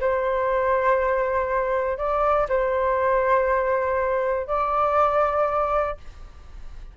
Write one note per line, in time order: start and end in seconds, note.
0.00 1.98 C5
1.98 2.48 D5
2.49 4.47 C5
4.47 5.97 D5